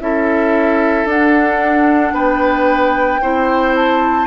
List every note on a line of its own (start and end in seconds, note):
0.00 1.05 C#4
0.00 1.07 E4
0.00 2.13 A4
0.00 1.07 E5
1.05 2.12 D4
1.05 3.22 D4
1.05 2.14 F#5
2.12 3.19 B3
2.12 3.21 B4
2.12 3.75 G5
3.22 4.27 C4
3.22 4.27 E4
3.22 4.27 C5
3.75 4.27 A5